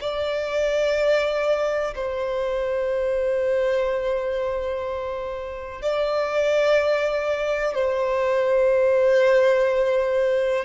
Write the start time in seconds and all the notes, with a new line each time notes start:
0.00 D5
1.95 C5
5.82 D5
7.74 C5